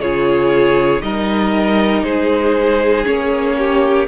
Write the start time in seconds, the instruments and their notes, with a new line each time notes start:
0.00 cello C#3, viola F4, violin G#4 C#5
1.00 cello G3, viola D#4, violin A#4 D#5
2.03 cello G#3, violin G#4 C5
3.04 cello A#3, viola C#4, violin C#5
3.57 violin G4